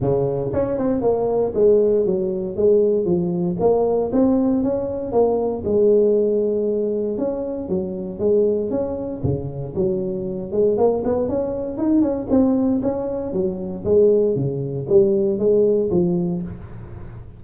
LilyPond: \new Staff \with { instrumentName = "tuba" } { \time 4/4 \tempo 4 = 117 cis4 cis'8 c'8 ais4 gis4 | fis4 gis4 f4 ais4 | c'4 cis'4 ais4 gis4~ | gis2 cis'4 fis4 |
gis4 cis'4 cis4 fis4~ | fis8 gis8 ais8 b8 cis'4 dis'8 cis'8 | c'4 cis'4 fis4 gis4 | cis4 g4 gis4 f4 | }